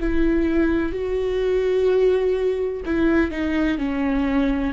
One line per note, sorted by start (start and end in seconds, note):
0.00 0.92 E4
0.92 2.83 F#4
2.86 3.31 E4
3.31 3.78 D#4
3.78 4.73 C#4